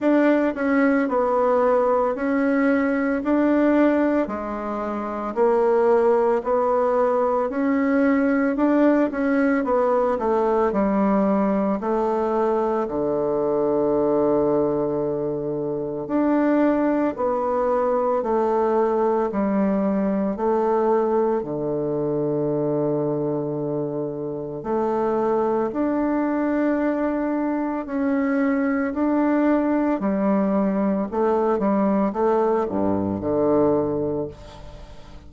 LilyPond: \new Staff \with { instrumentName = "bassoon" } { \time 4/4 \tempo 4 = 56 d'8 cis'8 b4 cis'4 d'4 | gis4 ais4 b4 cis'4 | d'8 cis'8 b8 a8 g4 a4 | d2. d'4 |
b4 a4 g4 a4 | d2. a4 | d'2 cis'4 d'4 | g4 a8 g8 a8 g,8 d4 | }